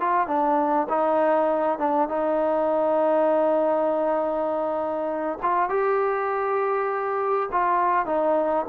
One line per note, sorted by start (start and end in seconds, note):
0.00 0.27 F4
0.27 0.87 D4
0.89 1.79 D#4
1.79 2.09 D4
2.09 5.39 D#4
5.42 5.69 F4
5.69 7.49 G4
7.52 8.05 F4
8.05 8.65 D#4